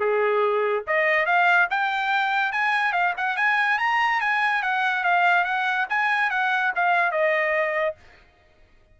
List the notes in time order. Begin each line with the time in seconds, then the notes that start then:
0.00 G#4
0.87 D#5
1.26 F5
1.70 G5
2.53 G#5
2.93 F5
3.17 F#5
3.37 G#5
3.79 A#5
4.21 G#5
4.63 F#5
5.04 F5
5.45 F#5
5.90 G#5
6.31 F#5
6.76 F5
7.12 D#5